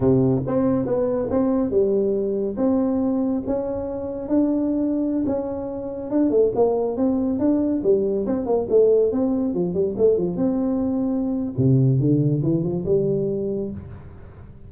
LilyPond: \new Staff \with { instrumentName = "tuba" } { \time 4/4 \tempo 4 = 140 c4 c'4 b4 c'4 | g2 c'2 | cis'2 d'2~ | d'16 cis'2 d'8 a8 ais8.~ |
ais16 c'4 d'4 g4 c'8 ais16~ | ais16 a4 c'4 f8 g8 a8 f16~ | f16 c'2~ c'8. c4 | d4 e8 f8 g2 | }